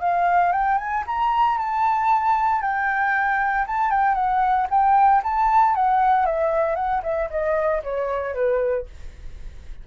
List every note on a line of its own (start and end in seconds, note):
0.00 0.52 F5
0.52 0.78 G5
0.78 1.04 G#5
1.06 1.58 A#5
1.58 2.61 A5
2.61 3.65 G5
3.67 3.90 A5
3.90 4.15 G5
4.15 4.67 F#5
4.70 5.22 G5
5.23 5.75 A5
5.75 6.26 F#5
6.26 6.75 E5
6.75 7.02 F#5
7.03 7.29 E5
7.30 7.82 D#5
7.83 8.34 C#5
8.34 8.86 B4